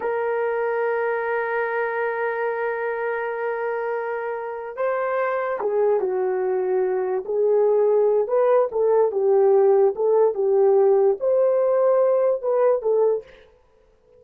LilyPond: \new Staff \with { instrumentName = "horn" } { \time 4/4 \tempo 4 = 145 ais'1~ | ais'1~ | ais'2.~ ais'8 c''8~ | c''4. gis'4 fis'4.~ |
fis'4. gis'2~ gis'8 | b'4 a'4 g'2 | a'4 g'2 c''4~ | c''2 b'4 a'4 | }